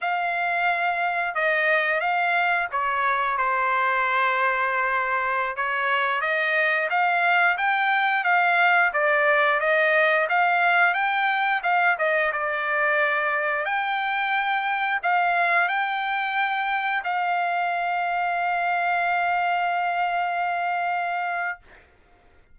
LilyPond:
\new Staff \with { instrumentName = "trumpet" } { \time 4/4 \tempo 4 = 89 f''2 dis''4 f''4 | cis''4 c''2.~ | c''16 cis''4 dis''4 f''4 g''8.~ | g''16 f''4 d''4 dis''4 f''8.~ |
f''16 g''4 f''8 dis''8 d''4.~ d''16~ | d''16 g''2 f''4 g''8.~ | g''4~ g''16 f''2~ f''8.~ | f''1 | }